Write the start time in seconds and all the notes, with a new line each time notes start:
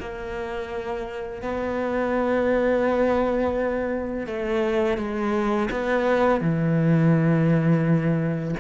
0.00 A#3
1.42 B3
4.27 A3
4.98 G#3
5.71 B3
6.41 E3